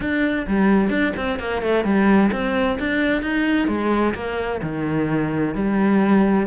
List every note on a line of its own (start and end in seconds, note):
0.00 0.46 D4
0.47 0.89 G3
0.89 1.12 D4
1.16 1.39 C4
1.39 1.62 A#3
1.62 1.84 A3
1.84 2.30 G3
2.32 2.78 C4
2.79 3.22 D4
3.22 3.67 D#4
3.67 4.13 G#3
4.14 4.60 A#3
4.62 5.54 D#3
5.54 6.47 G3